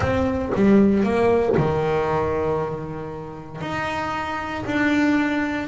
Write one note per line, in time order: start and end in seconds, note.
0.00 0.51 C4
0.54 1.03 G3
1.03 1.55 A#3
1.56 3.61 D#3
3.61 4.64 D#4
4.65 5.68 D4